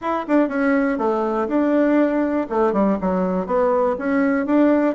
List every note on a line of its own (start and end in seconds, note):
0.01 0.26 E4
0.27 0.48 D4
0.48 0.98 C#4
0.98 1.47 A3
1.48 2.47 D4
2.49 2.72 A3
2.72 2.97 G3
3.00 3.46 F#3
3.46 3.96 B3
3.98 4.46 C#4
4.46 4.95 D4